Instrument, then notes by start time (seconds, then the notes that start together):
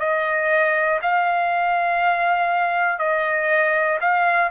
trumpet
0.00 D#5
1.02 F5
2.99 D#5
4.01 F5